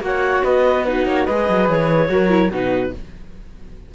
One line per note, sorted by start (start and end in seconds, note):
0.00 0.41 A#3
0.00 0.83 F#4
0.00 0.43 C#5
0.00 0.44 F#5
0.43 1.06 B3
0.43 0.85 B4
0.43 0.85 D#5
0.85 1.28 D#4
0.85 1.25 F#4
0.85 1.06 B4
1.06 1.27 A#3
1.06 1.25 C#5
1.25 1.49 G#3
1.25 2.08 G#4
1.25 2.08 B4
1.25 1.67 D#5
1.49 1.68 F#3
1.68 2.09 E3
1.68 2.51 C#5
2.08 2.50 F#3
2.08 2.29 F#4
2.08 2.50 A#4
2.29 2.49 E4
2.50 2.92 B2
2.50 2.94 D#4
2.50 2.91 F#4
2.50 2.94 B4